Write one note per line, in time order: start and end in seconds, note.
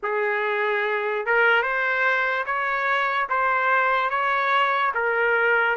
0.02 1.26 G#4
1.26 1.62 A#4
1.62 2.44 C5
2.45 3.28 C#5
3.29 4.09 C5
4.09 4.92 C#5
4.94 5.76 A#4